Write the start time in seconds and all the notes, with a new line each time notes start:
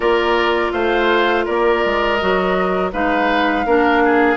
0.00 A#3 F4 A#4 D5
0.72 A3 C5 F5
1.45 A#3 A#4 D5
1.85 G#3
2.16 F#3 F#4 D#5
2.92 G#3 D#4 B4 F5
3.65 A#3 D4 A#4
4.04 G#4